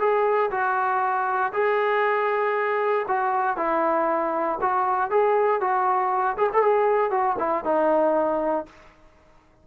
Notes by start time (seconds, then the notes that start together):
0.00 G#4
0.51 F#4
1.54 G#4
3.08 F#4
3.57 E4
4.62 F#4
5.11 G#4
5.61 F#4
6.37 G#4
6.53 A4
6.63 G#4
7.11 F#4
7.39 E4
7.65 D#4